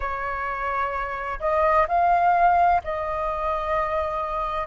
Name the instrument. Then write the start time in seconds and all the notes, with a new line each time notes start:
flute
0.00 C#5
1.39 D#5
1.87 F5
2.84 D#5